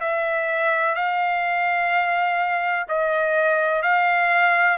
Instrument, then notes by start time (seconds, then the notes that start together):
trumpet
0.00 E5
0.95 F5
2.88 D#5
3.82 F5